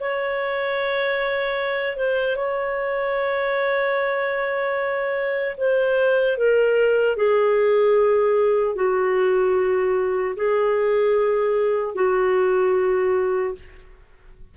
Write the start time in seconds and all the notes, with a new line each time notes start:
0.00 C#5
1.96 C5
2.36 C#5
5.57 C5
6.37 A#4
7.16 G#4
8.75 F#4
10.36 G#4
11.95 F#4